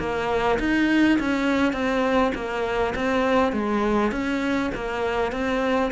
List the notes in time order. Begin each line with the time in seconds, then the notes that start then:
0.00 A#3
0.60 D#4
1.20 C#4
1.73 C4
2.35 A#3
2.95 C4
3.53 G#3
4.12 C#4
4.75 A#3
5.32 C4